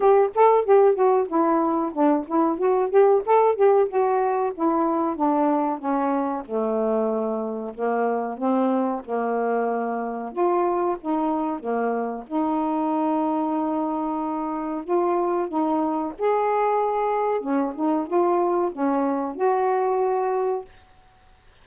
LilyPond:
\new Staff \with { instrumentName = "saxophone" } { \time 4/4 \tempo 4 = 93 g'8 a'8 g'8 fis'8 e'4 d'8 e'8 | fis'8 g'8 a'8 g'8 fis'4 e'4 | d'4 cis'4 a2 | ais4 c'4 ais2 |
f'4 dis'4 ais4 dis'4~ | dis'2. f'4 | dis'4 gis'2 cis'8 dis'8 | f'4 cis'4 fis'2 | }